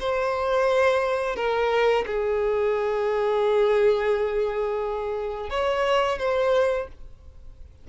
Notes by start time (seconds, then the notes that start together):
0.00 C5
1.36 A#4
2.07 G#4
5.50 C#5
6.19 C5